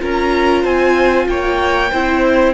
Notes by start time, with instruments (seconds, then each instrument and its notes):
0.00 cello C#4, viola F4, violin A#4 A#5
0.62 cello C4, violin C5 G#5
1.28 cello A#3, violin C#5 G5
1.91 cello C4, viola E4, violin C5